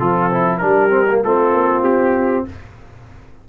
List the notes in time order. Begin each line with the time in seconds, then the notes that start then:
0.00 F3 C4 F4 A4
0.32 E4
0.58 G3 D4 A#4
0.66 G4
0.90 C4
1.11 A#3
1.24 A3 C4 F4 A4
1.53 A#3
1.83 C4 G4